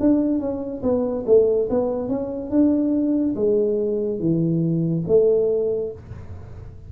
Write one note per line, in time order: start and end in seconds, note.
0.00 0.40 D4
0.40 0.82 C#4
0.83 1.25 B3
1.26 1.69 A3
1.70 2.09 B3
2.09 2.50 C#4
2.50 3.35 D4
3.36 4.19 G#3
4.19 5.04 E3
5.07 5.92 A3